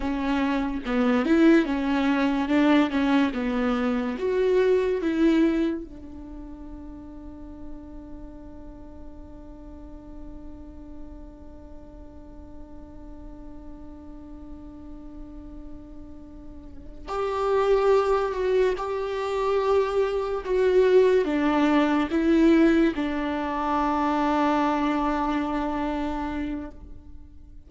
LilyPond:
\new Staff \with { instrumentName = "viola" } { \time 4/4 \tempo 4 = 72 cis'4 b8 e'8 cis'4 d'8 cis'8 | b4 fis'4 e'4 d'4~ | d'1~ | d'1~ |
d'1~ | d'8 g'4. fis'8 g'4.~ | g'8 fis'4 d'4 e'4 d'8~ | d'1 | }